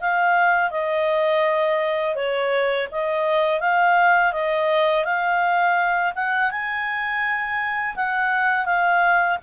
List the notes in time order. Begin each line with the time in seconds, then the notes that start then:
0.00 F5
0.71 D#5
2.15 C#5
2.91 D#5
3.60 F5
4.32 D#5
5.05 F5
6.15 F#5
6.51 G#5
7.96 F#5
8.65 F5